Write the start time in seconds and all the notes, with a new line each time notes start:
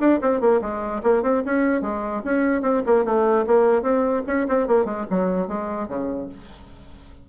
0.00 D4
0.22 C4
0.41 A#3
0.62 G#3
1.04 A#3
1.23 C4
1.46 C#4
1.82 G#3
2.25 C#4
2.62 C4
2.87 A#3
3.05 A3
3.47 A#3
3.83 C4
4.27 C#4
4.49 C4
4.68 A#3
4.86 G#3
5.11 F#3
5.48 G#3
5.89 C#3